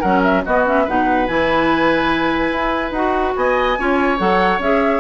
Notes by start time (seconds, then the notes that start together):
0.00 F#3 C#4 A#4 F#5
0.23 E5
0.45 B3 F#4 D#5
0.65 C#4 E5
0.84 B2 D#4 B4 F#5
1.27 E3 E4 G#5
2.51 E4
2.91 D#4 F#4 F#5
3.36 B3 D#5 G#5
3.78 C#4 F4 C#5
4.18 F#3 A4 F#5
4.59 C#4 G#4 E5